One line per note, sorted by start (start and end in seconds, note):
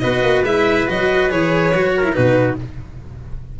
0.00 0.23 B3
0.00 0.45 F#4
0.00 1.94 B4
0.00 0.43 D#5
0.23 0.44 A#3
0.44 0.86 G#3
0.44 0.87 E4
0.44 0.88 E5
0.87 1.32 F#3
0.87 1.30 F#4
0.87 1.31 D#5
1.30 1.74 E3
1.30 1.73 G#4
1.30 2.14 C#5
1.74 2.17 F#3
1.74 2.04 F#4
1.97 2.16 A#4
2.04 2.13 E4
2.13 2.60 B2
2.13 2.55 D#4
2.13 2.59 F#4
2.13 2.56 B4